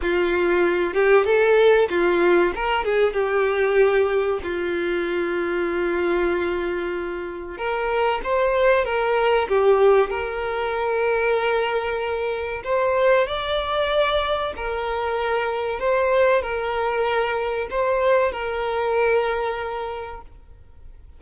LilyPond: \new Staff \with { instrumentName = "violin" } { \time 4/4 \tempo 4 = 95 f'4. g'8 a'4 f'4 | ais'8 gis'8 g'2 f'4~ | f'1 | ais'4 c''4 ais'4 g'4 |
ais'1 | c''4 d''2 ais'4~ | ais'4 c''4 ais'2 | c''4 ais'2. | }